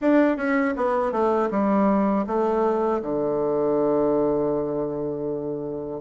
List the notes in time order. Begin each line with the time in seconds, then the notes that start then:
0.01 D4
0.36 C#4
0.76 B3
1.11 A3
1.50 G3
2.26 A3
3.01 D3